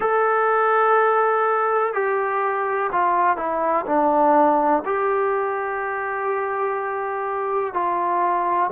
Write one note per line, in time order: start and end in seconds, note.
0.00 1.93 A4
1.93 2.90 G4
2.92 3.36 F4
3.36 3.84 E4
3.85 4.82 D4
4.85 7.73 G4
7.73 8.70 F4